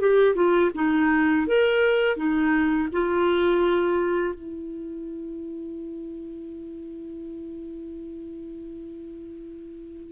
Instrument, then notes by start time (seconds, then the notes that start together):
clarinet
0.00 G4
0.35 F4
0.75 D#4
1.47 A#4
2.16 D#4
2.92 F4
4.34 E4